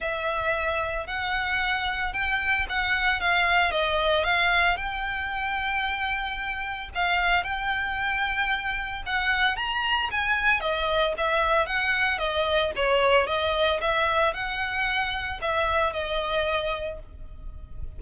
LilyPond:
\new Staff \with { instrumentName = "violin" } { \time 4/4 \tempo 4 = 113 e''2 fis''2 | g''4 fis''4 f''4 dis''4 | f''4 g''2.~ | g''4 f''4 g''2~ |
g''4 fis''4 ais''4 gis''4 | dis''4 e''4 fis''4 dis''4 | cis''4 dis''4 e''4 fis''4~ | fis''4 e''4 dis''2 | }